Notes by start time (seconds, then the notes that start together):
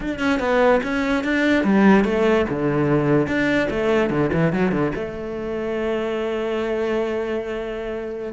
0.00 D4
0.18 C#4
0.39 B3
0.83 C#4
1.24 D4
1.64 G3
2.04 A3
2.49 D3
3.27 D4
3.70 A3
4.10 D3
4.32 E3
4.53 F#3
4.71 D3
4.95 A3